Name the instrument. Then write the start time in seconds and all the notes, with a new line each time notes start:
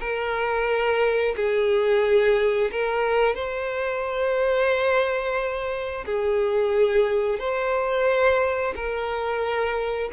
violin
0.00 A#4
1.36 G#4
2.72 A#4
3.35 C5
6.06 G#4
7.39 C5
8.76 A#4